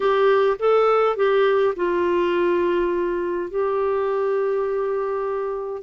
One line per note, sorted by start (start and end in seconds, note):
0.00 0.57 G4
0.59 1.16 A4
1.16 1.74 G4
1.76 3.50 F4
3.50 5.82 G4